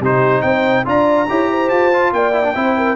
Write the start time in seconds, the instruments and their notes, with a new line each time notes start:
0.00 tuba C3, trombone D#4, horn G4, trumpet C5
0.42 tuba C4, horn C5, trumpet G5
0.85 tuba D4, trombone F4, horn D5, trumpet A#5
1.29 tuba E4, trombone G4, horn C#5
1.50 horn C5
1.69 tuba F4, trumpet A5
1.93 trombone F4
2.12 tuba A#3, horn D5, trumpet G5
2.32 trombone E4
2.43 trombone D4
2.55 tuba C4, trombone E4, horn C5
2.76 horn A#4